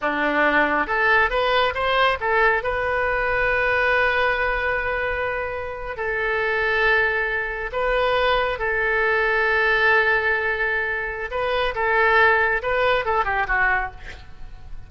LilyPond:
\new Staff \with { instrumentName = "oboe" } { \time 4/4 \tempo 4 = 138 d'2 a'4 b'4 | c''4 a'4 b'2~ | b'1~ | b'4.~ b'16 a'2~ a'16~ |
a'4.~ a'16 b'2 a'16~ | a'1~ | a'2 b'4 a'4~ | a'4 b'4 a'8 g'8 fis'4 | }